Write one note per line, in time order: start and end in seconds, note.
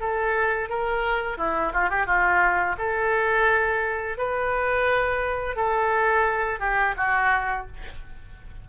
0.00 0.69 A4
0.69 1.38 A#4
1.38 1.73 E4
1.73 1.89 F4
1.89 2.06 G4
2.06 2.76 F4
2.78 4.18 A4
4.18 5.56 B4
5.56 6.60 A4
6.60 6.95 G4
6.97 7.67 F#4